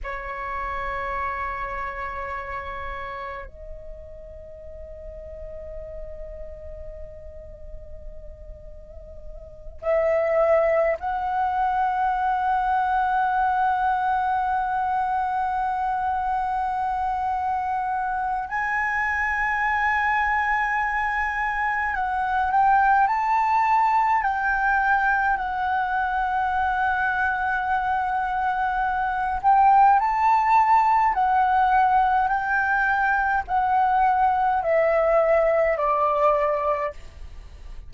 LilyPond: \new Staff \with { instrumentName = "flute" } { \time 4/4 \tempo 4 = 52 cis''2. dis''4~ | dis''1~ | dis''8 e''4 fis''2~ fis''8~ | fis''1 |
gis''2. fis''8 g''8 | a''4 g''4 fis''2~ | fis''4. g''8 a''4 fis''4 | g''4 fis''4 e''4 d''4 | }